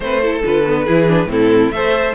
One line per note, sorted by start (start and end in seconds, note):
0.00 0.43 A3
0.00 0.22 C4
0.00 0.21 B4
0.00 0.41 C5
0.21 0.43 E4
0.21 0.84 A4
0.43 0.88 D3
0.43 0.65 F4
0.43 1.30 B4
0.66 0.86 B3
0.84 1.25 E3
0.84 1.08 E4
0.84 1.28 G#4
1.08 1.27 D4
1.25 1.68 A2
1.25 1.70 C4
1.25 1.71 A4
1.32 1.75 E4
1.69 2.12 A3
1.69 2.14 A4
1.69 2.14 C5
1.69 2.14 E5